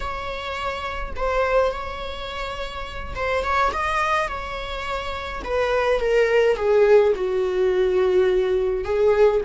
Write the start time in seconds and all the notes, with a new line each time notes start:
0.00 C#5
1.16 C5
1.71 C#5
3.15 C5
3.43 C#5
3.72 D#5
4.28 C#5
5.43 B4
6.00 A#4
6.56 G#4
7.15 F#4
8.84 G#4